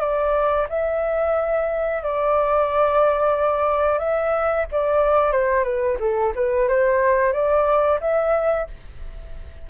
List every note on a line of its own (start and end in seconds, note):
0.00 0.67 D5
0.69 2.03 E5
2.03 3.99 D5
3.99 4.65 E5
4.72 5.32 D5
5.32 5.64 C5
5.64 5.97 B4
5.99 6.33 A4
6.35 6.68 B4
6.68 7.33 C5
7.33 7.99 D5
8.00 8.67 E5